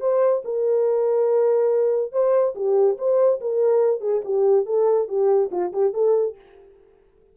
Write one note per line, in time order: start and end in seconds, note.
0.00 0.42 C5
0.44 2.12 A#4
2.12 2.54 C5
2.55 2.97 G4
2.98 3.40 C5
3.40 4.00 A#4
4.00 4.21 G#4
4.24 4.66 G4
4.66 5.08 A4
5.08 5.50 G4
5.51 5.72 F4
5.72 5.93 G4
5.93 6.35 A4